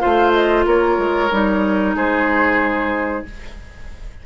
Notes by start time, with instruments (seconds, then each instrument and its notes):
0.00 bassoon A3, clarinet F4, oboe C5, flute F5
0.33 flute D#5
0.66 bassoon A#3, oboe A#4, flute C#5
0.98 bassoon G#3
1.31 bassoon G3, clarinet D#4
1.95 bassoon G#3, oboe G#4, flute C5